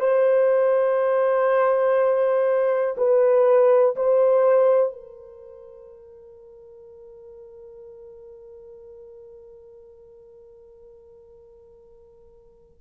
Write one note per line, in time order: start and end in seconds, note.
0.00 2.95 C5
2.97 3.96 B4
3.96 4.92 C5
4.92 12.79 A#4